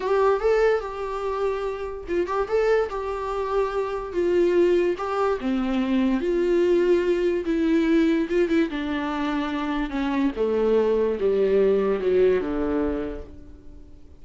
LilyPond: \new Staff \with { instrumentName = "viola" } { \time 4/4 \tempo 4 = 145 g'4 a'4 g'2~ | g'4 f'8 g'8 a'4 g'4~ | g'2 f'2 | g'4 c'2 f'4~ |
f'2 e'2 | f'8 e'8 d'2. | cis'4 a2 g4~ | g4 fis4 d2 | }